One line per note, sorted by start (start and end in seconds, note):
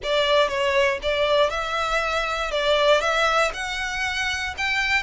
0.03 0.48 D5
0.48 0.98 C#5
1.02 1.50 D5
1.50 2.51 E5
2.51 3.00 D5
3.00 3.51 E5
3.53 4.54 F#5
4.57 5.02 G5